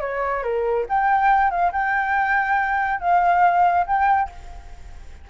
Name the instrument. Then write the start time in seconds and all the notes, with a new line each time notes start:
flute
0.00 C#5
0.43 A#4
0.89 G5
1.50 F5
1.72 G5
3.00 F5
3.86 G5